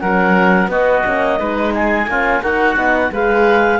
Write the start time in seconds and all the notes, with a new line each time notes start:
0.00 F#3 C#4 A#4 F#5
0.68 B3 F#4 D#5
1.06 A#3 C#4
1.39 G#3 D#4 B4
1.74 G#4 G#5
2.07 A#3 C#4 F4
2.41 D#4 F#4 A#4 F#5
2.76 B3 D#4
3.11 G#3 G#4 B4 F5